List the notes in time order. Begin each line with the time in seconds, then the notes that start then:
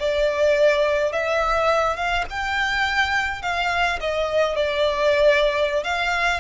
0.00 D5
1.12 E5
1.96 F5
2.30 G5
3.42 F5
4.01 D#5
4.56 D5
5.84 F5